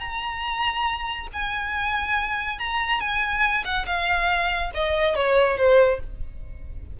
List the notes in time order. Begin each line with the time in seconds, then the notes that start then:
0.00 A#5
1.33 G#5
2.59 A#5
3.00 G#5
3.65 F#5
3.86 F5
4.74 D#5
5.15 C#5
5.57 C5